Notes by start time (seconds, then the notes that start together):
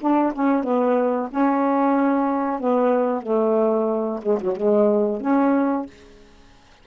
0.00 D4
0.33 C#4
0.63 B3
1.30 C#4
2.60 B3
3.23 A3
4.22 G#3
4.41 F#3
4.57 G#3
5.21 C#4